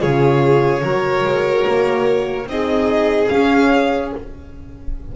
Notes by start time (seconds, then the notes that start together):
0.00 C#3 F4 G#4 C#5
0.83 F#3 F#4 A#4
1.25 G#3
1.68 A#3
2.47 C4 D#4 G#4 D#5
3.29 C#4 F5